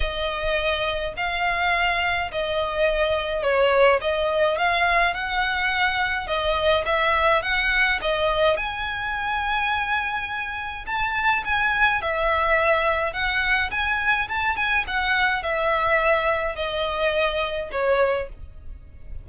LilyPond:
\new Staff \with { instrumentName = "violin" } { \time 4/4 \tempo 4 = 105 dis''2 f''2 | dis''2 cis''4 dis''4 | f''4 fis''2 dis''4 | e''4 fis''4 dis''4 gis''4~ |
gis''2. a''4 | gis''4 e''2 fis''4 | gis''4 a''8 gis''8 fis''4 e''4~ | e''4 dis''2 cis''4 | }